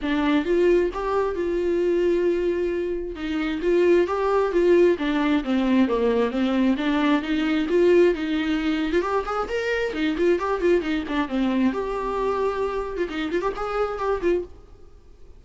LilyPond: \new Staff \with { instrumentName = "viola" } { \time 4/4 \tempo 4 = 133 d'4 f'4 g'4 f'4~ | f'2. dis'4 | f'4 g'4 f'4 d'4 | c'4 ais4 c'4 d'4 |
dis'4 f'4 dis'4.~ dis'16 f'16 | g'8 gis'8 ais'4 dis'8 f'8 g'8 f'8 | dis'8 d'8 c'4 g'2~ | g'8. f'16 dis'8 f'16 g'16 gis'4 g'8 f'8 | }